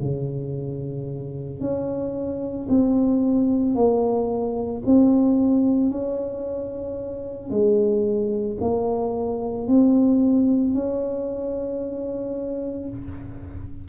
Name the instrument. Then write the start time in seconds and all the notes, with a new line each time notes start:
tuba
0.00 C#3
1.60 C#4
2.69 C4
3.75 A#3
4.86 C4
5.90 C#4
7.50 G#3
8.60 A#3
9.67 C4
10.74 C#4